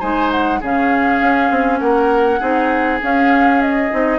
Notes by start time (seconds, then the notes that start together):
0.00 G#3 D#4 C5 G#5
0.32 F#5
0.61 C#3 C#4 G#4 F5
1.21 C#4
1.51 C4
1.80 A#3 A#4 F#5
2.40 C4 D#4 G#4
3.01 C#4 F5
3.62 D#5
3.91 C4 D#4